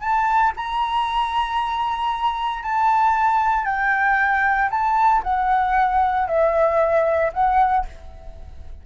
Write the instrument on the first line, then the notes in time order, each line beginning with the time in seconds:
flute
0.00 A5
0.56 A#5
2.63 A5
3.65 G5
4.70 A5
5.23 F#5
6.28 E5
7.33 F#5